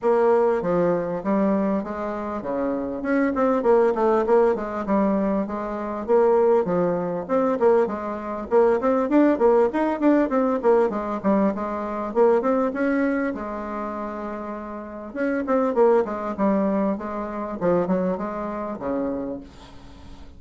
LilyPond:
\new Staff \with { instrumentName = "bassoon" } { \time 4/4 \tempo 4 = 99 ais4 f4 g4 gis4 | cis4 cis'8 c'8 ais8 a8 ais8 gis8 | g4 gis4 ais4 f4 | c'8 ais8 gis4 ais8 c'8 d'8 ais8 |
dis'8 d'8 c'8 ais8 gis8 g8 gis4 | ais8 c'8 cis'4 gis2~ | gis4 cis'8 c'8 ais8 gis8 g4 | gis4 f8 fis8 gis4 cis4 | }